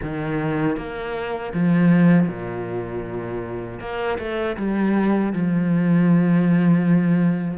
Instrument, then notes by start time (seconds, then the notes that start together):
cello
0.02 D#3
0.77 A#3
1.53 F3
2.28 A#2
3.80 A#3
4.18 A3
4.56 G3
5.32 F3